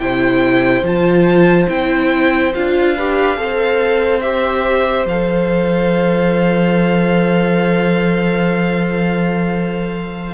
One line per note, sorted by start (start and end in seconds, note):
0.00 0.83 C3
0.00 0.85 E4
0.00 2.97 C5
0.00 0.85 G5
0.83 1.67 F3
0.83 1.68 F4
0.83 1.69 A5
1.68 2.55 C4
1.68 2.53 E4
1.68 2.54 G5
2.55 3.38 D4
2.55 2.98 F4
2.55 4.22 F5
2.97 3.37 G4
2.97 3.39 B4
3.37 5.06 C4
3.37 4.22 A4
3.37 10.34 C5
4.22 5.08 G4
4.22 5.06 E5
5.06 10.34 F3
5.06 10.34 A4
5.06 10.34 F5